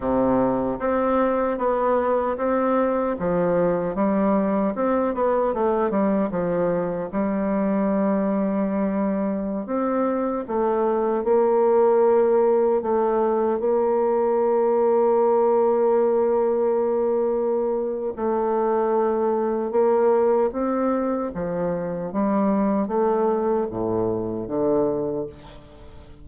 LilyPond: \new Staff \with { instrumentName = "bassoon" } { \time 4/4 \tempo 4 = 76 c4 c'4 b4 c'4 | f4 g4 c'8 b8 a8 g8 | f4 g2.~ | g16 c'4 a4 ais4.~ ais16~ |
ais16 a4 ais2~ ais8.~ | ais2. a4~ | a4 ais4 c'4 f4 | g4 a4 a,4 d4 | }